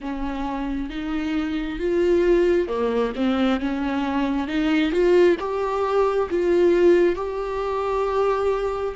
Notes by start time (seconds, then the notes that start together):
0.00 C#4
0.89 D#4
1.79 F4
2.67 A#3
3.15 C4
3.60 C#4
4.47 D#4
4.91 F4
5.39 G4
6.29 F4
7.15 G4